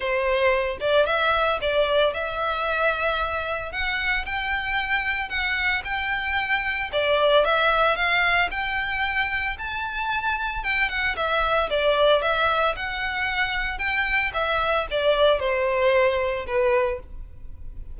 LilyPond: \new Staff \with { instrumentName = "violin" } { \time 4/4 \tempo 4 = 113 c''4. d''8 e''4 d''4 | e''2. fis''4 | g''2 fis''4 g''4~ | g''4 d''4 e''4 f''4 |
g''2 a''2 | g''8 fis''8 e''4 d''4 e''4 | fis''2 g''4 e''4 | d''4 c''2 b'4 | }